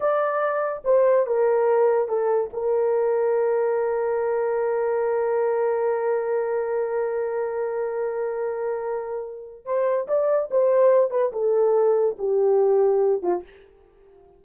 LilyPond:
\new Staff \with { instrumentName = "horn" } { \time 4/4 \tempo 4 = 143 d''2 c''4 ais'4~ | ais'4 a'4 ais'2~ | ais'1~ | ais'1~ |
ais'1~ | ais'2. c''4 | d''4 c''4. b'8 a'4~ | a'4 g'2~ g'8 f'8 | }